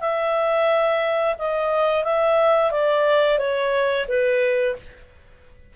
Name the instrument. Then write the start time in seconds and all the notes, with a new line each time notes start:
clarinet
0.00 E5
1.38 D#5
2.04 E5
2.71 D5
3.38 C#5
4.08 B4